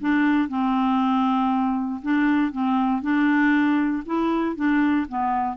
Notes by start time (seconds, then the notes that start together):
0.00 D4
0.48 C4
2.02 D4
2.51 C4
3.01 D4
4.05 E4
4.55 D4
5.08 B3